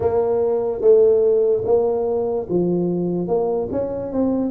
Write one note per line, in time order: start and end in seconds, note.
0.00 0.81 A#3
0.81 1.63 A3
1.64 2.47 A#3
2.49 3.27 F3
3.27 3.68 A#3
3.71 4.12 C#4
4.12 4.51 C4